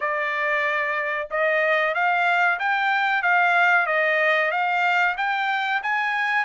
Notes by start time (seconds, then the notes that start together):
0.00 D5
1.30 D#5
1.94 F5
2.59 G5
3.22 F5
3.86 D#5
4.51 F5
5.17 G5
5.82 G#5